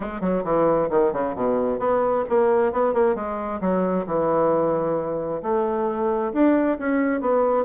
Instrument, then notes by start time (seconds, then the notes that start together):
bassoon
0.00 G#3
0.20 F#3
0.43 E3
0.90 D#3
1.12 C#3
1.35 B2
1.79 B3
2.29 A#3
2.72 B3
2.93 A#3
3.15 G#3
3.60 F#3
4.06 E3
5.42 A3
6.33 D4
6.79 C#4
7.21 B3